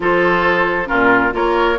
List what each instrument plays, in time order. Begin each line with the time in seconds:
0.00 bassoon F3, clarinet F4, oboe A4, flute C5
0.85 bassoon A#2, clarinet C#4, oboe F4, flute A#4
1.31 bassoon A#3, clarinet F4, oboe A#4, flute C#5